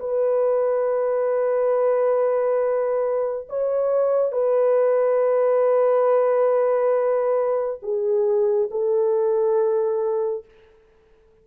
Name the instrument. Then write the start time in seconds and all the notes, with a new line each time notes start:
horn
0.00 B4
3.50 C#5
4.32 B4
7.83 G#4
8.72 A4